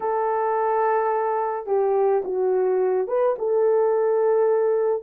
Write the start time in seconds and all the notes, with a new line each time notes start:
0.00 A4
1.66 G4
2.24 F#4
3.07 B4
3.38 A4